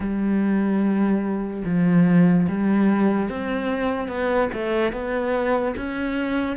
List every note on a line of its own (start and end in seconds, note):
0.00 1.63 G3
1.64 2.47 F3
2.48 3.29 G3
3.29 4.08 C4
4.08 4.49 B3
4.53 4.92 A3
4.92 5.74 B3
5.76 6.56 C#4